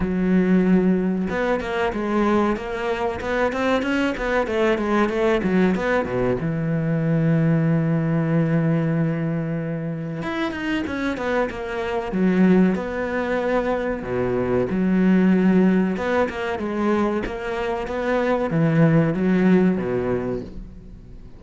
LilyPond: \new Staff \with { instrumentName = "cello" } { \time 4/4 \tempo 4 = 94 fis2 b8 ais8 gis4 | ais4 b8 c'8 cis'8 b8 a8 gis8 | a8 fis8 b8 b,8 e2~ | e1 |
e'8 dis'8 cis'8 b8 ais4 fis4 | b2 b,4 fis4~ | fis4 b8 ais8 gis4 ais4 | b4 e4 fis4 b,4 | }